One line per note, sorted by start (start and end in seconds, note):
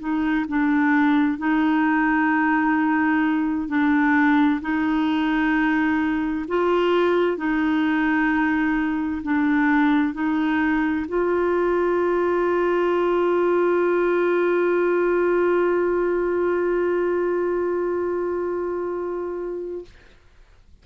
0.00 0.46 D#4
0.49 1.38 D4
1.38 3.68 D#4
3.68 4.61 D4
4.62 6.46 D#4
6.48 7.38 F4
7.38 9.22 D#4
9.23 10.14 D4
10.14 11.06 D#4
11.08 19.85 F4